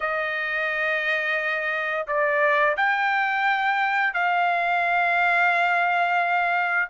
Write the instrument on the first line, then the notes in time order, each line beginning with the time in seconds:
trumpet
0.00 D#5
2.07 D5
2.76 G5
4.13 F5